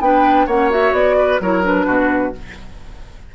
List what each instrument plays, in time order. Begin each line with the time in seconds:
0.00 bassoon B3, clarinet D4, oboe B4, flute G5
0.46 bassoon A#3, clarinet C#4, oboe C#5, flute F#5
0.70 clarinet F#4, flute E5
0.92 bassoon B3, flute D5
1.18 oboe B4
1.40 bassoon F#3, clarinet E4, oboe A#4, flute C#5
1.63 clarinet D4, flute B4
1.86 bassoon B2, oboe F#4